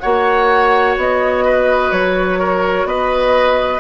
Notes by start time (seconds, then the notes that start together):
0.00 A#3 F#4 C#5 F#5
0.97 B3 D#5
1.45 B4
1.92 F#3 C#5
2.39 A#4
2.84 B3 B4 D#5